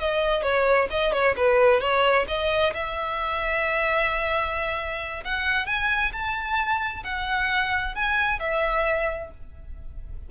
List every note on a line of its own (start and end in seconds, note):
0.00 0.43 D#5
0.43 0.88 C#5
0.90 1.12 D#5
1.12 1.35 C#5
1.37 1.80 B4
1.80 2.26 C#5
2.28 2.73 D#5
2.74 5.24 E5
5.25 5.66 F#5
5.66 6.12 G#5
6.12 7.03 A5
7.04 7.95 F#5
7.95 8.39 G#5
8.39 9.30 E5